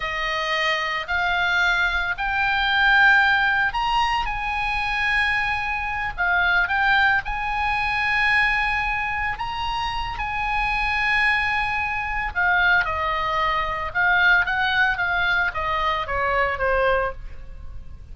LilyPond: \new Staff \with { instrumentName = "oboe" } { \time 4/4 \tempo 4 = 112 dis''2 f''2 | g''2. ais''4 | gis''2.~ gis''8 f''8~ | f''8 g''4 gis''2~ gis''8~ |
gis''4. ais''4. gis''4~ | gis''2. f''4 | dis''2 f''4 fis''4 | f''4 dis''4 cis''4 c''4 | }